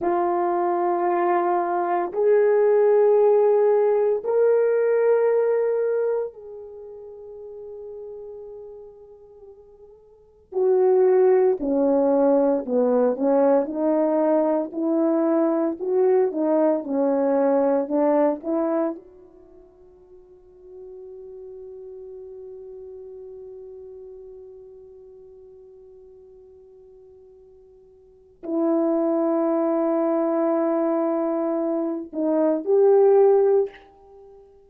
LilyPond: \new Staff \with { instrumentName = "horn" } { \time 4/4 \tempo 4 = 57 f'2 gis'2 | ais'2 gis'2~ | gis'2 fis'4 cis'4 | b8 cis'8 dis'4 e'4 fis'8 dis'8 |
cis'4 d'8 e'8 fis'2~ | fis'1~ | fis'2. e'4~ | e'2~ e'8 dis'8 g'4 | }